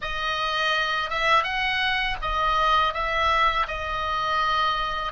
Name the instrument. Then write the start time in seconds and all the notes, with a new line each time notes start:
oboe
0.01 D#5
1.10 E5
1.43 F#5
2.22 D#5
2.93 E5
3.67 D#5